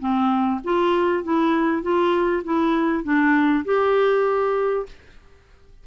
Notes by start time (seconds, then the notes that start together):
0.00 C4
0.64 F4
1.24 E4
1.82 F4
2.44 E4
3.04 D4
3.65 G4